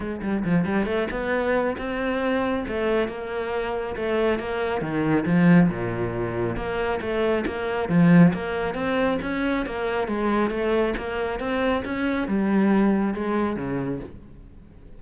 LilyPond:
\new Staff \with { instrumentName = "cello" } { \time 4/4 \tempo 4 = 137 gis8 g8 f8 g8 a8 b4. | c'2 a4 ais4~ | ais4 a4 ais4 dis4 | f4 ais,2 ais4 |
a4 ais4 f4 ais4 | c'4 cis'4 ais4 gis4 | a4 ais4 c'4 cis'4 | g2 gis4 cis4 | }